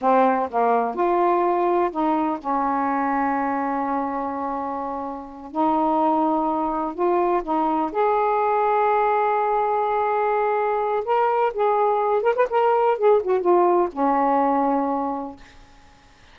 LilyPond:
\new Staff \with { instrumentName = "saxophone" } { \time 4/4 \tempo 4 = 125 c'4 ais4 f'2 | dis'4 cis'2.~ | cis'2.~ cis'8 dis'8~ | dis'2~ dis'8 f'4 dis'8~ |
dis'8 gis'2.~ gis'8~ | gis'2. ais'4 | gis'4. ais'16 b'16 ais'4 gis'8 fis'8 | f'4 cis'2. | }